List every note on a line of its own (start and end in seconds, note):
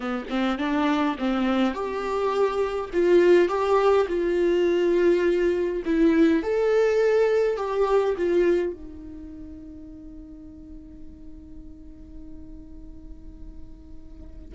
0.00 0.26 B3
0.29 0.58 C4
0.58 1.16 D4
1.18 1.73 C4
1.73 2.90 G4
2.93 3.48 F4
3.48 4.06 G4
4.08 5.83 F4
5.85 6.42 E4
6.42 7.56 A4
7.56 8.15 G4
8.17 8.72 F4
8.72 14.54 D#4